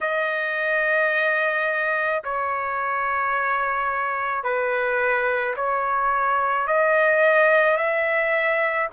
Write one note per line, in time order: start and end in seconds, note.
0.00 2.22 D#5
2.24 4.43 C#5
4.43 5.55 B4
5.56 6.67 C#5
6.67 7.77 D#5
7.77 8.88 E5